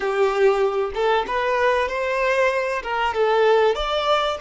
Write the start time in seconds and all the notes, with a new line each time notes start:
0.00 G4
0.94 A4
1.27 B4
1.88 C5
2.82 A#4
3.14 A4
3.75 D5